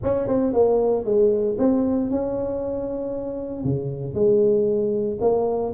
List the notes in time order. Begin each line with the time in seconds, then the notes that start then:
0.03 C#4
0.27 C4
0.53 A#3
1.04 G#3
1.58 C4
2.10 C#4
3.64 C#3
4.14 G#3
5.21 A#3